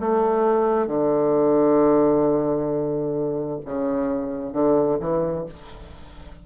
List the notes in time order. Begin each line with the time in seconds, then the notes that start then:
0.00 A3
0.87 D3
3.65 C#3
4.52 D3
5.00 E3